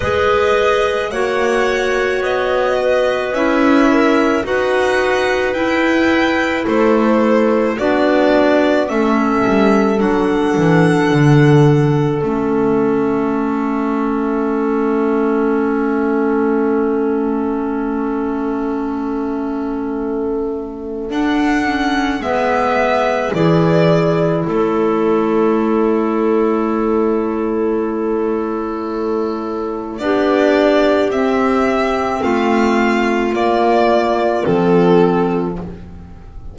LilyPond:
<<
  \new Staff \with { instrumentName = "violin" } { \time 4/4 \tempo 4 = 54 dis''4 fis''4 dis''4 e''4 | fis''4 g''4 c''4 d''4 | e''4 fis''2 e''4~ | e''1~ |
e''2. fis''4 | e''4 d''4 cis''2~ | cis''2. d''4 | e''4 f''4 d''4 a'4 | }
  \new Staff \with { instrumentName = "clarinet" } { \time 4/4 b'4 cis''4. b'4 ais'8 | b'2 a'4 fis'4 | a'1~ | a'1~ |
a'1 | b'4 gis'4 a'2~ | a'2. g'4~ | g'4 f'2. | }
  \new Staff \with { instrumentName = "clarinet" } { \time 4/4 gis'4 fis'2 e'4 | fis'4 e'2 d'4 | cis'4 d'2 cis'4~ | cis'1~ |
cis'2. d'8 cis'8 | b4 e'2.~ | e'2. d'4 | c'2 ais4 c'4 | }
  \new Staff \with { instrumentName = "double bass" } { \time 4/4 gis4 ais4 b4 cis'4 | dis'4 e'4 a4 b4 | a8 g8 fis8 e8 d4 a4~ | a1~ |
a2. d'4 | gis4 e4 a2~ | a2. b4 | c'4 a4 ais4 f4 | }
>>